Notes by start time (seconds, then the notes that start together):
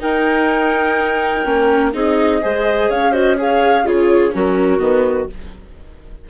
0.00 D#4 A#4 G5
1.45 A#3 C#4
1.94 C4 D#4 G#4 D#5
2.41 G#3 G#4 C5
2.89 C#4 C#5 F5
3.12 F#4 C5 D#5
3.38 G#4 C#5 F5
3.85 C#3 F4 G#4 C#5
4.31 F#3 C#4 F#4 A#4
4.79 D#3 B3 B4